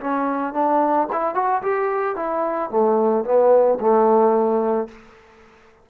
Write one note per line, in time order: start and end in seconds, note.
0.00 0.53 C#4
0.53 1.07 D4
1.12 1.34 E4
1.34 1.61 F#4
1.62 2.16 G4
2.16 2.70 E4
2.70 3.24 A3
3.25 3.79 B3
3.80 4.88 A3